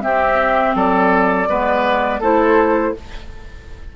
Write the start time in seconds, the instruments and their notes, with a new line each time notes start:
0.00 clarinet C4, bassoon C4, oboe G4, flute E5
0.74 bassoon F#3, oboe A4, flute D5
1.48 bassoon G#3, clarinet B3, oboe B4
2.20 bassoon A3, clarinet E4, oboe A4, flute C5